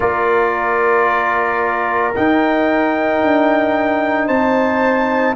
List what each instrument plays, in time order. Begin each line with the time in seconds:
0.00 tuba A#3, trombone F4, horn A#4, trumpet D5
2.15 trombone D#4, tuba D#4, trumpet G5
3.23 tuba D4
4.26 tuba C4, horn C5, trumpet A5